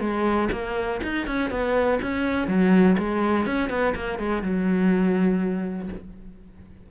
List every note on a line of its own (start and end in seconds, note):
0.00 0.49 G#3
0.52 1.01 A#3
1.03 1.27 D#4
1.27 1.50 C#4
1.50 1.99 B3
2.02 2.48 C#4
2.48 2.96 F#3
2.98 3.46 G#3
3.46 3.70 C#4
3.70 3.94 B3
3.95 4.19 A#3
4.19 4.43 G#3
4.43 5.89 F#3